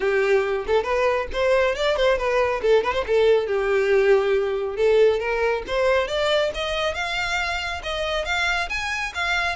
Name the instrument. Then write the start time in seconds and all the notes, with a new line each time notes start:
violin
0.00 G4
0.66 A4
0.83 B4
1.32 C5
1.75 D5
1.96 C5
2.17 B4
2.61 A4
2.83 B4
2.93 C5
3.06 A4
3.47 G4
4.76 A4
5.19 A#4
5.67 C5
6.07 D5
6.54 D#5
6.94 F5
7.83 D#5
8.25 F5
8.69 G#5
9.14 F5